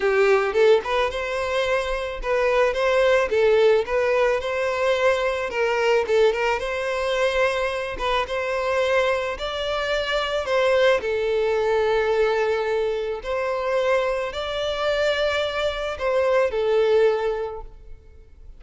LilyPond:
\new Staff \with { instrumentName = "violin" } { \time 4/4 \tempo 4 = 109 g'4 a'8 b'8 c''2 | b'4 c''4 a'4 b'4 | c''2 ais'4 a'8 ais'8 | c''2~ c''8 b'8 c''4~ |
c''4 d''2 c''4 | a'1 | c''2 d''2~ | d''4 c''4 a'2 | }